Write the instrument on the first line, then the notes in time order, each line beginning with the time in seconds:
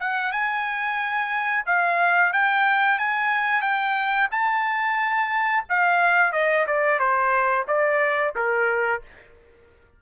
trumpet
0.00 F#5
0.32 G#5
1.66 F5
2.33 G5
2.98 G#5
3.62 G5
4.31 A5
5.69 F5
6.32 D#5
6.67 D5
6.99 C5
7.68 D5
8.35 A#4